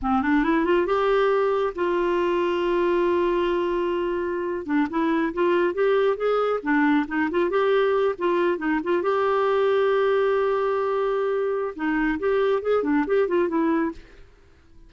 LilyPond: \new Staff \with { instrumentName = "clarinet" } { \time 4/4 \tempo 4 = 138 c'8 d'8 e'8 f'8 g'2 | f'1~ | f'2~ f'8. d'8 e'8.~ | e'16 f'4 g'4 gis'4 d'8.~ |
d'16 dis'8 f'8 g'4. f'4 dis'16~ | dis'16 f'8 g'2.~ g'16~ | g'2. dis'4 | g'4 gis'8 d'8 g'8 f'8 e'4 | }